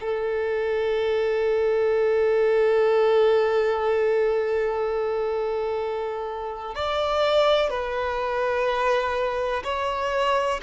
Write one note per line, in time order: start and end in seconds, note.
0.00 6.75 A4
6.75 7.69 D5
7.69 9.63 B4
9.64 10.61 C#5